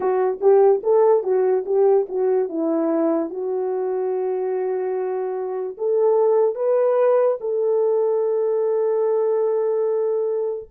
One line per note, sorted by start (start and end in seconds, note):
0.00 0.40 F#4
0.40 0.81 G4
0.83 1.23 A4
1.23 1.64 F#4
1.65 2.06 G4
2.08 2.48 F#4
2.48 3.30 E4
3.30 5.76 F#4
5.77 6.55 A4
6.55 7.37 B4
7.40 10.69 A4